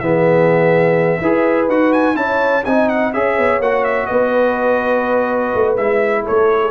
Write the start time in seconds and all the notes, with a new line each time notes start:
0.00 E3 B3 G#4 E5
1.20 E4 G#4 B4
1.69 D#4 F#4 F#5
1.93 G#5
2.15 C#4 E4 C#5 A5
2.65 C4 D#4 D#5 G#5
2.89 F#5
3.13 C#4 G#4 C#5 E5
3.38 B3
3.60 A#3 F#4 F#5
3.85 E5
4.06 B3 B4 D#5
5.55 A3
5.77 G#3 E4 E5
6.25 A3 A4 C#5
6.61 G#4